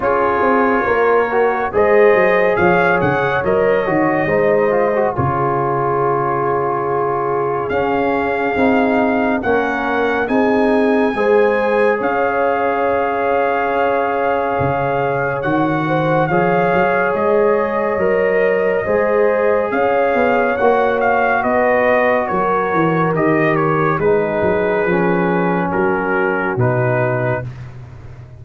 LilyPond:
<<
  \new Staff \with { instrumentName = "trumpet" } { \time 4/4 \tempo 4 = 70 cis''2 dis''4 f''8 fis''8 | dis''2 cis''2~ | cis''4 f''2 fis''4 | gis''2 f''2~ |
f''2 fis''4 f''4 | dis''2. f''4 | fis''8 f''8 dis''4 cis''4 dis''8 cis''8 | b'2 ais'4 b'4 | }
  \new Staff \with { instrumentName = "horn" } { \time 4/4 gis'4 ais'4 c''4 cis''4~ | cis''4 c''4 gis'2~ | gis'2. ais'4 | gis'4 c''4 cis''2~ |
cis''2~ cis''8 c''8 cis''4~ | cis''2 c''4 cis''4~ | cis''4 b'4 ais'2 | gis'2 fis'2 | }
  \new Staff \with { instrumentName = "trombone" } { \time 4/4 f'4. fis'8 gis'2 | ais'8 fis'8 dis'8 f'16 fis'16 f'2~ | f'4 cis'4 dis'4 cis'4 | dis'4 gis'2.~ |
gis'2 fis'4 gis'4~ | gis'4 ais'4 gis'2 | fis'2. g'4 | dis'4 cis'2 dis'4 | }
  \new Staff \with { instrumentName = "tuba" } { \time 4/4 cis'8 c'8 ais4 gis8 fis8 f8 cis8 | fis8 dis8 gis4 cis2~ | cis4 cis'4 c'4 ais4 | c'4 gis4 cis'2~ |
cis'4 cis4 dis4 f8 fis8 | gis4 fis4 gis4 cis'8 b8 | ais4 b4 fis8 e8 dis4 | gis8 fis8 f4 fis4 b,4 | }
>>